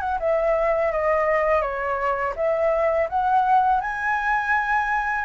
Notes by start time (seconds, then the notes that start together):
0.00 F#5
0.19 E5
0.92 D#5
1.61 C#5
2.36 E5
3.09 F#5
3.81 G#5